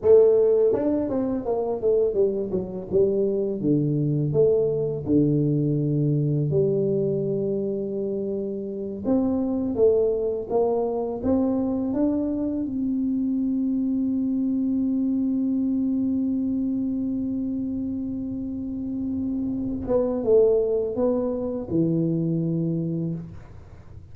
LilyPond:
\new Staff \with { instrumentName = "tuba" } { \time 4/4 \tempo 4 = 83 a4 d'8 c'8 ais8 a8 g8 fis8 | g4 d4 a4 d4~ | d4 g2.~ | g8 c'4 a4 ais4 c'8~ |
c'8 d'4 c'2~ c'8~ | c'1~ | c'2.~ c'8 b8 | a4 b4 e2 | }